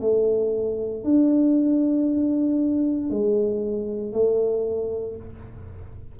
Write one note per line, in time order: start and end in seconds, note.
0.00 1.03 A3
1.03 3.09 D4
3.09 4.12 G#3
4.12 5.15 A3